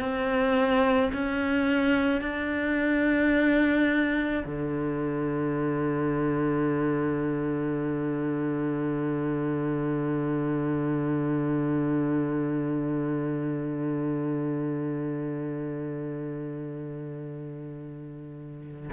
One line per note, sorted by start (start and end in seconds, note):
0.00 1.11 C4
1.13 2.21 C#4
2.21 4.43 D4
4.45 18.90 D3